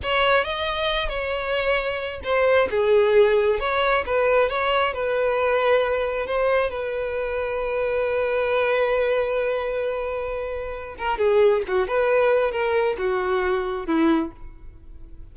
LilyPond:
\new Staff \with { instrumentName = "violin" } { \time 4/4 \tempo 4 = 134 cis''4 dis''4. cis''4.~ | cis''4 c''4 gis'2 | cis''4 b'4 cis''4 b'4~ | b'2 c''4 b'4~ |
b'1~ | b'1~ | b'8 ais'8 gis'4 fis'8 b'4. | ais'4 fis'2 e'4 | }